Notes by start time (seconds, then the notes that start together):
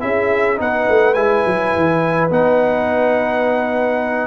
0.00 C#4 E4 G#4 E5
0.57 B3 D#4 B4 F#5
0.89 A3
1.14 G#3 E4 G#5
1.46 F#3
1.75 E3
2.30 B3 D#4 F#5